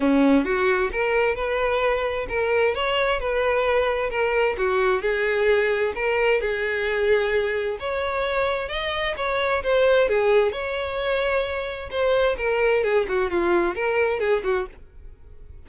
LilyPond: \new Staff \with { instrumentName = "violin" } { \time 4/4 \tempo 4 = 131 cis'4 fis'4 ais'4 b'4~ | b'4 ais'4 cis''4 b'4~ | b'4 ais'4 fis'4 gis'4~ | gis'4 ais'4 gis'2~ |
gis'4 cis''2 dis''4 | cis''4 c''4 gis'4 cis''4~ | cis''2 c''4 ais'4 | gis'8 fis'8 f'4 ais'4 gis'8 fis'8 | }